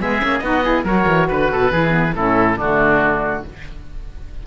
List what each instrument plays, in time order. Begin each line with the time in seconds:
0.00 cello G#3, saxophone B3, oboe G#4 E5
0.21 cello A#3, saxophone C#4
0.39 cello B3, saxophone D#4, oboe F#4 D#5
0.64 saxophone E4, oboe G#4
0.84 cello F#3, saxophone F#4, oboe A#4 C#5
1.08 cello E3
1.28 cello D3, oboe B4
1.52 cello B2, oboe A4
1.71 cello E3, saxophone E4, oboe G#4
1.90 saxophone B3
2.16 cello A2, saxophone C#4, oboe E4 A4
2.57 cello D3, saxophone A3, oboe D4 F#4